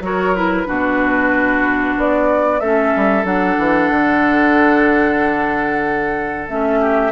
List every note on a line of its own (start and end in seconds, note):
0.00 0.65 F#3
0.00 0.34 F#4
0.00 0.67 A#4
0.00 0.35 C#5
0.35 0.65 E4
0.35 1.96 B4
0.65 1.97 B2
0.65 2.59 D4
0.65 2.60 F#4
1.97 2.61 B3
1.97 2.60 D5
2.60 2.93 A3
2.60 3.24 C#4
2.60 6.80 A4
2.60 3.24 E5
2.95 3.24 G3
3.24 3.56 F#3
3.24 6.47 D4
3.24 6.48 F#5
3.58 3.90 E3
3.90 6.48 D3
6.48 7.11 A3
6.48 7.11 C#4
6.48 7.11 E5
6.80 7.11 G4